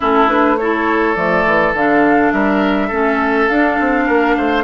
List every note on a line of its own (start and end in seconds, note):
0.00 1.16 A3
0.00 0.28 C#4
0.00 0.56 E4
0.00 0.28 A4
0.28 0.57 D4
0.28 0.57 B4
0.57 1.15 E4
0.57 2.33 A4
0.57 1.15 C#5
1.15 1.45 F3
1.15 1.74 A3
1.15 1.73 D5
1.45 1.73 E3
1.73 2.32 D3
1.73 2.91 D4
1.73 2.31 F5
2.31 2.90 G3
2.31 2.87 A#4
2.31 3.48 E5
2.87 3.49 A3
2.87 3.49 C#4
2.87 4.04 A4
3.48 3.78 D4
3.48 4.64 D4
3.48 4.64 F5
3.80 4.08 C4
4.06 4.36 A#3
4.06 4.35 A#4
4.36 4.64 A3
4.36 4.64 C5